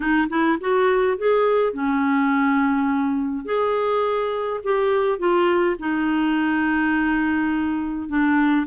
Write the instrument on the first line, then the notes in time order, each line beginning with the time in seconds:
clarinet
0.00 D#4
0.29 E4
0.60 F#4
1.17 G#4
1.73 C#4
3.45 G#4
4.63 G4
5.18 F4
5.79 D#4
8.08 D4